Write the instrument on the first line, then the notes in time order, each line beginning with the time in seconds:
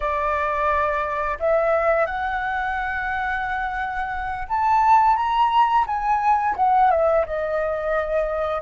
flute
0.00 D5
1.39 E5
2.06 F#5
4.48 A5
5.16 A#5
5.86 G#5
6.56 F#5
6.91 E5
7.26 D#5